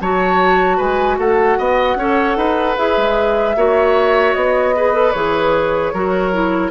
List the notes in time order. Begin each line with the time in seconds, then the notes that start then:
0.00 F#3 F#4 C#5 A5
0.77 G#3 B4 G#5
1.18 A3 A4 F#5
1.58 B3 D#5
1.95 C#4 A4 C#5
2.36 D#4 B4
2.77 E4 G#4 E5
2.97 G#3
3.56 A#3 F#4 C#5
4.34 B3 D#5
4.75 G#4 B4
4.93 A4
5.12 E3 G#4 C#5
5.93 F#3 F#4 A#4
6.32 E4